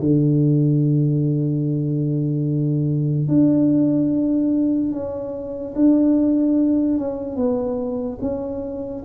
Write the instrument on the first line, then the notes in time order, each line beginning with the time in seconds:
tuba
0.00 D3
3.28 D4
4.92 C#4
5.75 D4
6.98 C#4
7.36 B3
8.21 C#4